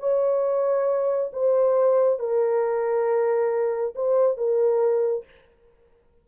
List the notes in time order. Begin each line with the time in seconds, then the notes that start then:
0.00 C#5
1.33 C5
2.20 A#4
3.96 C5
4.38 A#4